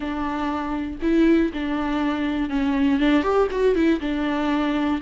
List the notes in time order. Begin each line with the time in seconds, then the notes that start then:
0.00 D4
1.01 E4
1.53 D4
2.49 C#4
2.99 D4
3.22 G4
3.51 F#4
3.75 E4
4.00 D4